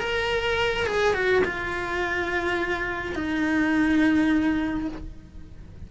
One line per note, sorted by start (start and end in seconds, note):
0.00 0.87 A#4
0.87 1.14 G#4
1.14 1.43 F#4
1.45 3.15 F4
3.15 4.89 D#4